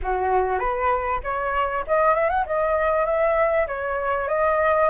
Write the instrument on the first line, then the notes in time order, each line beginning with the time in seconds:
flute
0.02 F#4
0.59 B4
1.23 C#5
1.87 D#5
2.14 E5
2.29 F#5
2.45 D#5
3.05 E5
3.67 C#5
4.28 D#5